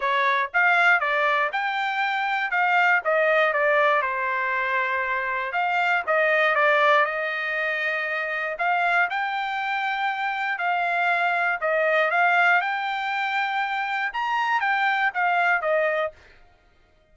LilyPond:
\new Staff \with { instrumentName = "trumpet" } { \time 4/4 \tempo 4 = 119 cis''4 f''4 d''4 g''4~ | g''4 f''4 dis''4 d''4 | c''2. f''4 | dis''4 d''4 dis''2~ |
dis''4 f''4 g''2~ | g''4 f''2 dis''4 | f''4 g''2. | ais''4 g''4 f''4 dis''4 | }